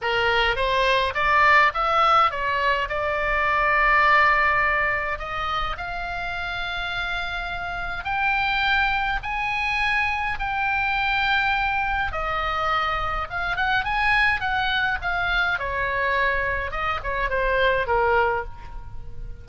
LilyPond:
\new Staff \with { instrumentName = "oboe" } { \time 4/4 \tempo 4 = 104 ais'4 c''4 d''4 e''4 | cis''4 d''2.~ | d''4 dis''4 f''2~ | f''2 g''2 |
gis''2 g''2~ | g''4 dis''2 f''8 fis''8 | gis''4 fis''4 f''4 cis''4~ | cis''4 dis''8 cis''8 c''4 ais'4 | }